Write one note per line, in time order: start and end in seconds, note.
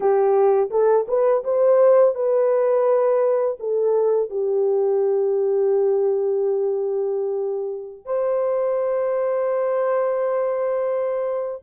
0.00 0.69 G4
0.70 1.06 A4
1.07 1.43 B4
1.44 2.14 C5
2.14 3.57 B4
3.59 4.30 A4
4.30 8.05 G4
8.05 11.62 C5